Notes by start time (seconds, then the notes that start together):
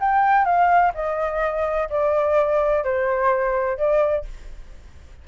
0.00 G5
0.45 F5
0.94 D#5
1.89 D5
2.84 C5
3.77 D5